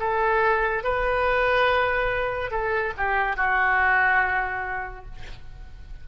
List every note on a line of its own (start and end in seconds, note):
0.00 0.84 A4
0.84 2.51 B4
2.51 2.93 A4
2.98 3.37 G4
3.37 5.06 F#4